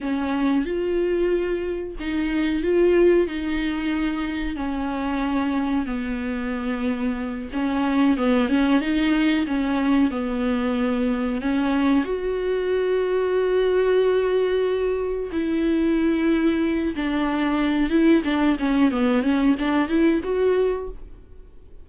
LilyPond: \new Staff \with { instrumentName = "viola" } { \time 4/4 \tempo 4 = 92 cis'4 f'2 dis'4 | f'4 dis'2 cis'4~ | cis'4 b2~ b8 cis'8~ | cis'8 b8 cis'8 dis'4 cis'4 b8~ |
b4. cis'4 fis'4.~ | fis'2.~ fis'8 e'8~ | e'2 d'4. e'8 | d'8 cis'8 b8 cis'8 d'8 e'8 fis'4 | }